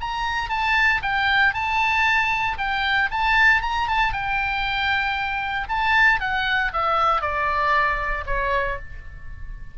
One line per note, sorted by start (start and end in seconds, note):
0.00 0.49 A#5
0.49 1.01 A5
1.02 1.53 G5
1.53 2.57 A5
2.57 3.09 G5
3.11 3.61 A5
3.61 3.87 A#5
3.87 4.12 A5
4.12 5.68 G5
5.68 6.20 A5
6.20 6.71 F#5
6.73 7.21 E5
7.21 8.24 D5
8.26 8.78 C#5